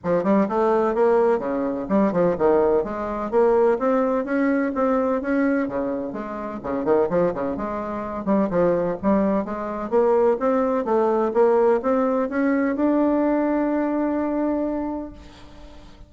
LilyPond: \new Staff \with { instrumentName = "bassoon" } { \time 4/4 \tempo 4 = 127 f8 g8 a4 ais4 cis4 | g8 f8 dis4 gis4 ais4 | c'4 cis'4 c'4 cis'4 | cis4 gis4 cis8 dis8 f8 cis8 |
gis4. g8 f4 g4 | gis4 ais4 c'4 a4 | ais4 c'4 cis'4 d'4~ | d'1 | }